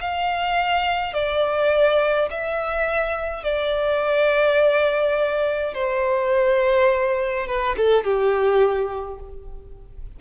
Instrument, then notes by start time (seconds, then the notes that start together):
violin
0.00 F5
1.13 D5
2.30 E5
3.44 D5
5.74 C5
7.47 B4
7.77 A4
8.04 G4